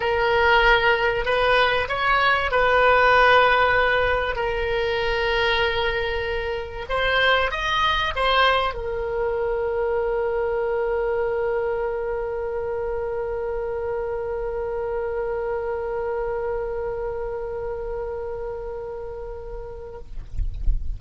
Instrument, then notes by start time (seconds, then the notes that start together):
oboe
0.00 A#4
1.25 B4
1.88 C#5
2.51 B4
4.35 A#4
6.89 C5
7.51 D#5
8.15 C5
8.73 A#4